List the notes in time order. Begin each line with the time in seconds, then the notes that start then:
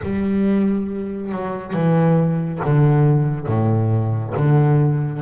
0.02 G3
1.32 F#3
1.73 E3
2.64 D3
3.46 A2
4.36 D3